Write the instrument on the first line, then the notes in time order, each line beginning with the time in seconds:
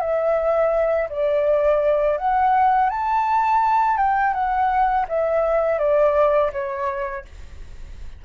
flute
0.00 E5
1.09 D5
2.18 F#5
2.89 A5
3.97 G5
4.33 F#5
5.08 E5
5.79 D5
6.52 C#5